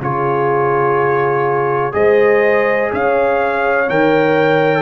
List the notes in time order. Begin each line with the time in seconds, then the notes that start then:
0.00 C#3 F4 G#4 C#5
1.92 G#3 G#4 C5 D#5
2.92 C#4 C#5 F5
3.89 D#3 A#4 G5